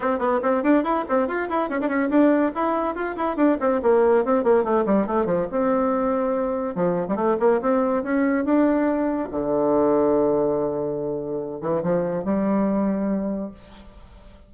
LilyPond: \new Staff \with { instrumentName = "bassoon" } { \time 4/4 \tempo 4 = 142 c'8 b8 c'8 d'8 e'8 c'8 f'8 e'8 | cis'16 d'16 cis'8 d'4 e'4 f'8 e'8 | d'8 c'8 ais4 c'8 ais8 a8 g8 | a8 f8 c'2. |
f8. g16 a8 ais8 c'4 cis'4 | d'2 d2~ | d2.~ d8 e8 | f4 g2. | }